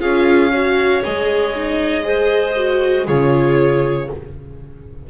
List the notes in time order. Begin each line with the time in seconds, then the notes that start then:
0.00 C#4 F4 G#4 F5
0.54 F#4 C#5
1.04 G#3 G#4 D#5
1.55 D#4
2.03 G#4 C5
2.56 F#4
3.06 C#3 F4 G#4 C#5